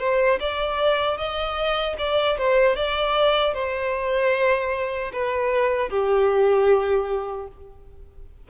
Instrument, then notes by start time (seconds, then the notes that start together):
violin
0.00 C5
0.40 D5
1.18 D#5
1.98 D5
2.38 C5
2.76 D5
3.54 C5
5.13 B4
5.90 G4